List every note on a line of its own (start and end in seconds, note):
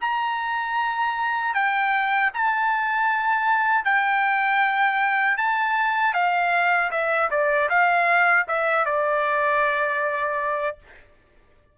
0.00 1.53 A#5
1.53 2.30 G5
2.33 3.84 A5
3.84 5.37 G5
5.37 6.13 A5
6.13 6.90 F5
6.91 7.29 E5
7.30 7.69 D5
7.69 8.46 F5
8.48 8.85 E5
8.85 10.78 D5